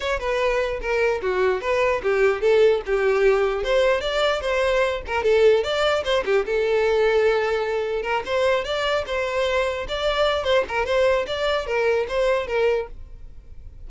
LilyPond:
\new Staff \with { instrumentName = "violin" } { \time 4/4 \tempo 4 = 149 cis''8 b'4. ais'4 fis'4 | b'4 g'4 a'4 g'4~ | g'4 c''4 d''4 c''4~ | c''8 ais'8 a'4 d''4 c''8 g'8 |
a'1 | ais'8 c''4 d''4 c''4.~ | c''8 d''4. c''8 ais'8 c''4 | d''4 ais'4 c''4 ais'4 | }